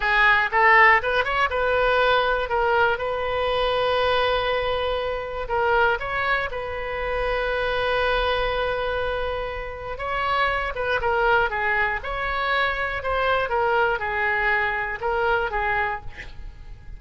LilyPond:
\new Staff \with { instrumentName = "oboe" } { \time 4/4 \tempo 4 = 120 gis'4 a'4 b'8 cis''8 b'4~ | b'4 ais'4 b'2~ | b'2. ais'4 | cis''4 b'2.~ |
b'1 | cis''4. b'8 ais'4 gis'4 | cis''2 c''4 ais'4 | gis'2 ais'4 gis'4 | }